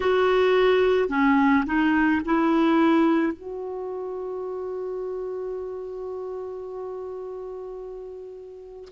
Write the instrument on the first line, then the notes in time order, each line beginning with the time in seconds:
clarinet
0.00 F#4
1.09 C#4
1.66 D#4
2.25 E4
3.32 F#4